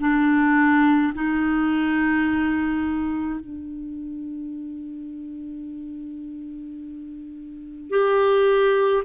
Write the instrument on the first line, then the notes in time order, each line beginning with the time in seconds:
clarinet
0.00 D4
1.14 D#4
3.40 D4
7.90 G4